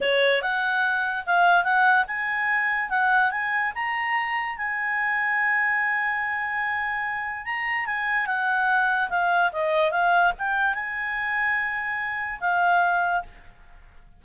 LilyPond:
\new Staff \with { instrumentName = "clarinet" } { \time 4/4 \tempo 4 = 145 cis''4 fis''2 f''4 | fis''4 gis''2 fis''4 | gis''4 ais''2 gis''4~ | gis''1~ |
gis''2 ais''4 gis''4 | fis''2 f''4 dis''4 | f''4 g''4 gis''2~ | gis''2 f''2 | }